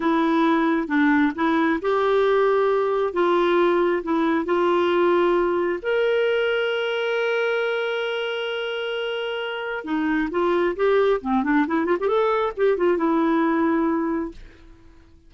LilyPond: \new Staff \with { instrumentName = "clarinet" } { \time 4/4 \tempo 4 = 134 e'2 d'4 e'4 | g'2. f'4~ | f'4 e'4 f'2~ | f'4 ais'2.~ |
ais'1~ | ais'2 dis'4 f'4 | g'4 c'8 d'8 e'8 f'16 g'16 a'4 | g'8 f'8 e'2. | }